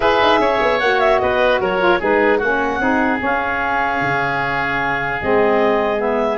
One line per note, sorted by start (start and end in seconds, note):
0.00 0.19 E4
0.00 0.80 G#4
0.00 0.40 B4
0.00 0.79 E5
0.22 0.39 D#4
0.39 0.59 C#4
0.39 1.21 C#5
0.61 0.81 B3
0.79 1.21 A#3
0.79 1.78 F#4
0.79 0.99 F#5
0.99 1.19 E5
1.19 1.59 B3
1.19 1.60 B4
1.19 1.59 D#5
1.59 1.99 F#3
1.59 1.99 A#4
1.59 2.01 C#5
1.78 1.98 F4
1.99 2.42 G#3
1.99 2.40 D#4
1.99 2.38 G#4
1.99 2.38 B4
2.38 2.79 A#3
2.38 2.80 C#4
2.38 2.78 F#4
2.38 3.18 F#5
2.79 3.19 C4
2.79 3.18 D#4
2.79 6.37 G#4
3.18 5.18 C#4
3.18 4.00 C#4
3.25 5.21 F5
4.00 5.20 C#3
5.20 6.37 G#3
5.20 5.97 C4
5.20 6.00 D#5
5.97 6.37 B3
5.97 6.37 E5